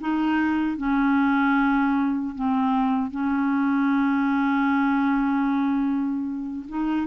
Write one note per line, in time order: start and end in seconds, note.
0.00 0.77 D#4
0.77 2.35 C#4
2.35 3.10 C4
3.10 6.66 C#4
6.68 7.07 D#4